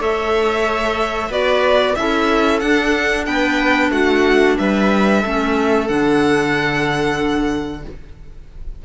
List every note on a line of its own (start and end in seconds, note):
0.00 1.29 A3
0.00 1.30 A4
0.00 1.29 C#5
0.00 1.32 E5
1.29 1.94 B3
1.29 1.95 F#4
1.29 1.94 B4
1.29 1.95 D5
1.95 2.62 C#4
1.95 2.61 E4
1.95 3.28 A4
1.95 2.59 E5
2.59 3.27 D4
2.59 5.23 D4
2.59 3.25 F#5
3.25 3.90 B3
3.25 3.92 B4
3.25 3.90 G5
3.90 4.55 A3
3.90 4.57 F#4
3.90 4.57 F#5
4.57 5.24 G3
4.57 5.22 B4
4.57 5.87 E5
5.22 5.89 A3
5.22 5.88 C#4
5.22 7.82 A4
5.87 7.85 D3
5.87 7.83 D4
5.87 7.83 F#5